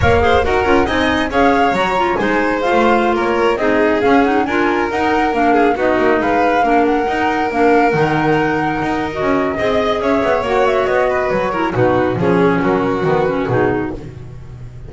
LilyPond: <<
  \new Staff \with { instrumentName = "flute" } { \time 4/4 \tempo 4 = 138 f''4 fis''4 gis''4 f''4 | ais''4 gis''4 f''4~ f''16 cis''8.~ | cis''16 dis''4 f''8 fis''8 gis''4 fis''8.~ | fis''16 f''4 dis''4 f''4. fis''16~ |
fis''4~ fis''16 f''4 fis''4.~ fis''16~ | fis''4 dis''2 e''4 | fis''8 e''8 dis''4 cis''4 b'4 | cis''4 ais'4 b'4 gis'4 | }
  \new Staff \with { instrumentName = "violin" } { \time 4/4 cis''8 c''8 ais'4 dis''4 cis''4~ | cis''4 c''2~ c''16 ais'8.~ | ais'16 gis'2 ais'4.~ ais'16~ | ais'8. gis'8 fis'4 b'4 ais'8.~ |
ais'1~ | ais'2 dis''4 cis''4~ | cis''4. b'4 ais'8 fis'4 | gis'4 fis'2. | }
  \new Staff \with { instrumentName = "clarinet" } { \time 4/4 ais'8 gis'8 fis'8 f'8 dis'4 gis'4 | fis'8 f'8 dis'4 f'2~ | f'16 dis'4 cis'8 dis'8 f'4 dis'8.~ | dis'16 d'4 dis'2 d'8.~ |
d'16 dis'4 d'4 dis'4.~ dis'16~ | dis'4 fis'4 gis'2 | fis'2~ fis'8 e'8 dis'4 | cis'2 b8 cis'8 dis'4 | }
  \new Staff \with { instrumentName = "double bass" } { \time 4/4 ais4 dis'8 cis'8 c'4 cis'4 | fis4 gis4~ gis16 a4 ais8.~ | ais16 c'4 cis'4 d'4 dis'8.~ | dis'16 ais4 b8 ais8 gis4 ais8.~ |
ais16 dis'4 ais4 dis4.~ dis16~ | dis16 dis'4 cis'8. c'4 cis'8 b8 | ais4 b4 fis4 b,4 | f4 fis4 dis4 b,4 | }
>>